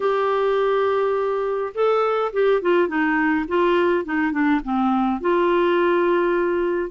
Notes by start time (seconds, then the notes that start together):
0.00 G4
1.74 A4
2.32 G4
2.61 F4
2.87 D#4
3.48 F4
4.04 D#4
4.32 D4
4.63 C4
5.21 F4